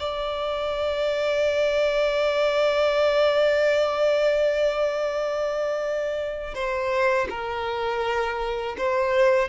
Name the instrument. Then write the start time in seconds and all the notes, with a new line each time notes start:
violin
0.00 D5
6.55 C5
7.30 A#4
8.78 C5